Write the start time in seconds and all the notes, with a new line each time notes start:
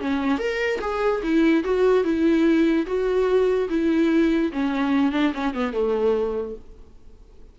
0.00 C#4
0.38 A#4
0.80 G#4
1.22 E4
1.64 F#4
2.04 E4
2.86 F#4
3.69 E4
4.52 C#4
5.12 D4
5.33 C#4
5.53 B3
5.73 A3